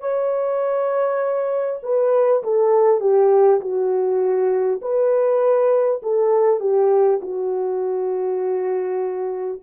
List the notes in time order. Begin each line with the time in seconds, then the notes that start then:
0.00 C#5
1.82 B4
2.43 A4
3.00 G4
3.61 F#4
4.81 B4
6.02 A4
6.59 G4
7.22 F#4